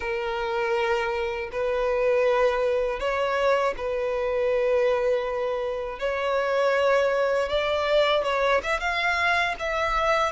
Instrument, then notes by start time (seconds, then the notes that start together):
violin
0.00 A#4
1.51 B4
2.99 C#5
3.77 B4
5.99 C#5
7.49 D5
8.23 C#5
8.63 E5
8.80 F5
9.59 E5